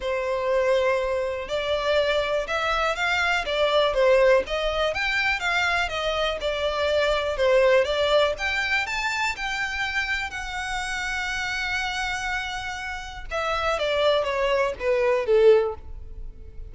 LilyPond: \new Staff \with { instrumentName = "violin" } { \time 4/4 \tempo 4 = 122 c''2. d''4~ | d''4 e''4 f''4 d''4 | c''4 dis''4 g''4 f''4 | dis''4 d''2 c''4 |
d''4 g''4 a''4 g''4~ | g''4 fis''2.~ | fis''2. e''4 | d''4 cis''4 b'4 a'4 | }